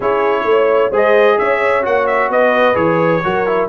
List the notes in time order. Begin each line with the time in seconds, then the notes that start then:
0.00 C#4 E4 G#4 C#5
0.44 A3 C#5
0.90 G#3 G#4 C5 D#5
1.38 C#4 C#5 E5
1.82 A#3 F#4 F#5
2.07 E5
2.29 B3 B4 D#5
2.74 E3 G#4 C#5
3.23 F#3 F#4 A#4
3.46 E4